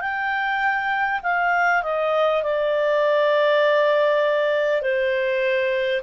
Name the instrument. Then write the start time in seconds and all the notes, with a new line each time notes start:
clarinet
0.00 G5
1.23 F5
1.83 D#5
2.42 D5
4.82 C5